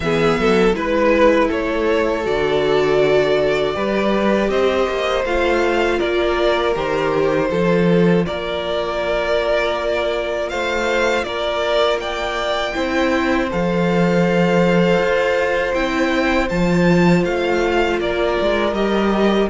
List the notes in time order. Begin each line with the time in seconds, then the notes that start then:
0.00 E3 B3 G#4 E5
0.39 F#3 A4
0.74 G#3 E4 B4
1.47 A3 A4 C#5
2.24 D3 F#4 D5
3.74 G3 G4 B4
4.49 C4 C5 D#5
4.89 A#3
5.24 A3 F4 F5
5.98 A#3 A#4 D5
6.74 D#3 G4 C5
7.48 F3 F4 A4
8.26 A#3 A#4 D5
10.49 A3 C5 F5
11.23 A#3 A#4 D5
11.99 D5 G5
12.74 C4 E4 C5
13.50 F3 A4 F5
14.98 F4
15.73 C4 E4 G5
16.49 F3 F4 A5
17.24 A3 F5
17.99 A#3 A#4 D5
18.41 G#3
18.72 G3 G4 D#5